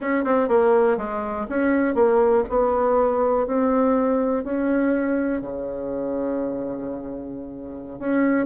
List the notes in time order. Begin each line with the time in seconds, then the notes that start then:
0.00 C#4
0.24 C4
0.48 A#3
0.97 G#3
1.49 C#4
1.94 A#3
2.49 B3
3.46 C4
4.44 C#4
5.41 C#3
7.99 C#4